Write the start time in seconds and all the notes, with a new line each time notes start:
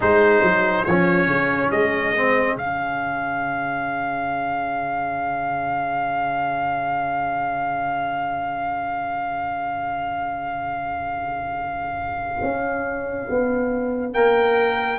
0.00 G#3 D#4 G#4 C5
0.42 F#3
0.84 F3 C#4 C#5
1.27 C#3
1.70 G#3 D#5
2.16 C4
2.55 C#3 C#4 F5
12.42 C#4
13.29 B3
14.13 A#3 A#4 G5